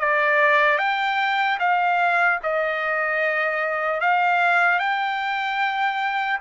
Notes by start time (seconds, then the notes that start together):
0.00 D5
0.79 G5
1.60 F5
2.43 D#5
4.01 F5
4.79 G5